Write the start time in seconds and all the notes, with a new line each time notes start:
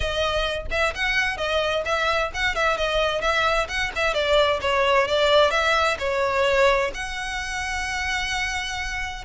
0.00 D#5
0.70 E5
0.94 F#5
1.37 D#5
1.85 E5
2.33 F#5
2.55 E5
2.77 D#5
3.21 E5
3.68 F#5
3.95 E5
4.13 D5
4.61 C#5
5.07 D5
5.50 E5
5.98 C#5
6.94 F#5